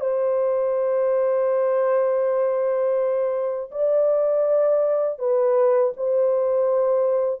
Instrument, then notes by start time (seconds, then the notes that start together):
horn
0.00 C5
3.71 D5
5.18 B4
5.97 C5